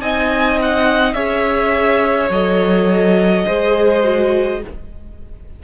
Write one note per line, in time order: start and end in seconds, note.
0.00 1.14 C4
0.00 1.15 D#4
0.00 1.15 D#5
0.00 0.59 G#5
0.62 1.14 F#5
1.14 2.30 C#4
1.14 2.30 G#4
1.14 3.46 C#5
1.14 2.29 E5
2.30 3.45 F#3
2.30 3.46 A4
2.30 4.63 D#5
3.46 4.64 G#3
3.46 4.03 G#4
3.46 4.62 C5
4.03 4.61 F#4